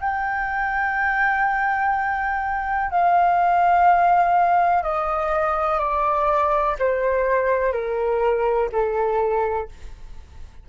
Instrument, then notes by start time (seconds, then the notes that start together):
flute
0.00 G5
2.90 F5
4.83 D#5
5.78 D5
6.79 C5
7.72 A#4
8.71 A4